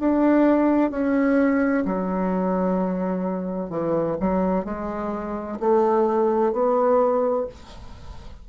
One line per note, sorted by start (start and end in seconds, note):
0.00 0.91 D4
0.91 1.85 C#4
1.85 3.70 F#3
3.70 4.17 E3
4.21 4.65 F#3
4.65 5.59 G#3
5.60 6.53 A3
6.53 7.47 B3